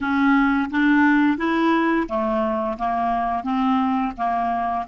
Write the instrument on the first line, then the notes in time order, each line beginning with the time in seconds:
clarinet
0.01 C#4
0.70 D4
1.37 E4
2.08 A3
2.78 A#3
3.43 C4
4.17 A#3